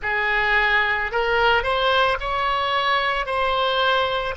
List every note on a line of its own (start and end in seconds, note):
0.02 1.11 G#4
1.12 1.63 A#4
1.63 2.17 C5
2.20 3.25 C#5
3.25 4.34 C5